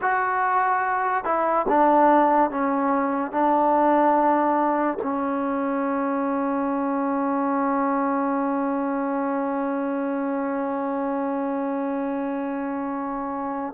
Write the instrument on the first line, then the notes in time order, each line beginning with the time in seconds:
trombone
0.01 F#4
1.24 E4
1.68 D4
2.50 C#4
3.31 D4
5.02 C#4